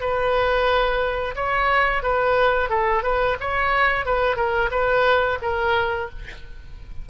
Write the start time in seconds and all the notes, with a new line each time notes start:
0.00 B4
1.35 C#5
2.03 B4
2.69 A4
3.03 B4
3.40 C#5
4.06 B4
4.36 A#4
4.71 B4
5.42 A#4